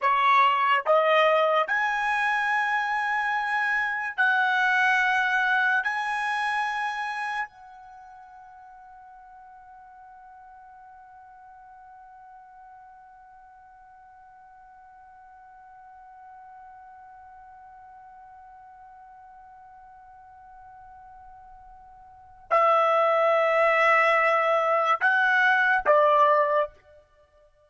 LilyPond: \new Staff \with { instrumentName = "trumpet" } { \time 4/4 \tempo 4 = 72 cis''4 dis''4 gis''2~ | gis''4 fis''2 gis''4~ | gis''4 fis''2.~ | fis''1~ |
fis''1~ | fis''1~ | fis''2. e''4~ | e''2 fis''4 d''4 | }